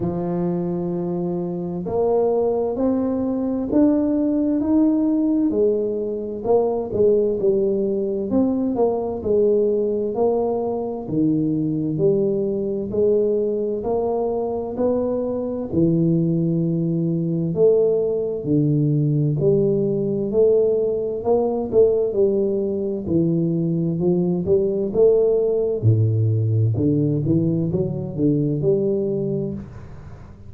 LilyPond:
\new Staff \with { instrumentName = "tuba" } { \time 4/4 \tempo 4 = 65 f2 ais4 c'4 | d'4 dis'4 gis4 ais8 gis8 | g4 c'8 ais8 gis4 ais4 | dis4 g4 gis4 ais4 |
b4 e2 a4 | d4 g4 a4 ais8 a8 | g4 e4 f8 g8 a4 | a,4 d8 e8 fis8 d8 g4 | }